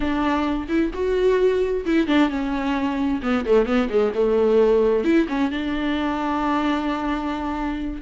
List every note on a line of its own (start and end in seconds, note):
0.00 0.67 D4
0.68 0.91 E4
0.93 1.85 F#4
1.85 2.07 E4
2.07 2.29 D4
2.29 3.21 C#4
3.22 3.45 B3
3.45 3.66 A3
3.66 3.88 B3
3.89 4.12 G#3
4.15 5.04 A3
5.04 5.27 E4
5.28 5.51 C#4
5.51 8.01 D4